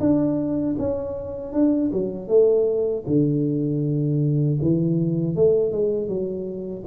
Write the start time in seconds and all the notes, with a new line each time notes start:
0.00 D4
0.78 C#4
1.53 D4
1.92 F#3
2.28 A3
3.07 D3
4.61 E3
5.35 A3
5.72 G#3
6.08 F#3